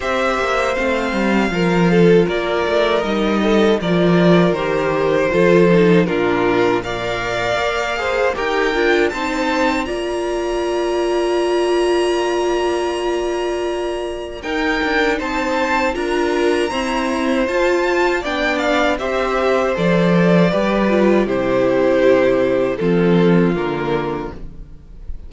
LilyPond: <<
  \new Staff \with { instrumentName = "violin" } { \time 4/4 \tempo 4 = 79 e''4 f''2 d''4 | dis''4 d''4 c''2 | ais'4 f''2 g''4 | a''4 ais''2.~ |
ais''2. g''4 | a''4 ais''2 a''4 | g''8 f''8 e''4 d''2 | c''2 a'4 ais'4 | }
  \new Staff \with { instrumentName = "violin" } { \time 4/4 c''2 ais'8 a'8 ais'4~ | ais'8 a'8 ais'2 a'4 | f'4 d''4. c''8 ais'4 | c''4 d''2.~ |
d''2. ais'4 | c''4 ais'4 c''2 | d''4 c''2 b'4 | g'2 f'2 | }
  \new Staff \with { instrumentName = "viola" } { \time 4/4 g'4 c'4 f'2 | dis'4 f'4 g'4 f'8 dis'8 | d'4 ais'4. gis'8 g'8 f'8 | dis'4 f'2.~ |
f'2. dis'4~ | dis'4 f'4 c'4 f'4 | d'4 g'4 a'4 g'8 f'8 | e'2 c'4 ais4 | }
  \new Staff \with { instrumentName = "cello" } { \time 4/4 c'8 ais8 a8 g8 f4 ais8 a8 | g4 f4 dis4 f4 | ais,2 ais4 dis'8 d'8 | c'4 ais2.~ |
ais2. dis'8 d'8 | c'4 d'4 e'4 f'4 | b4 c'4 f4 g4 | c2 f4 d4 | }
>>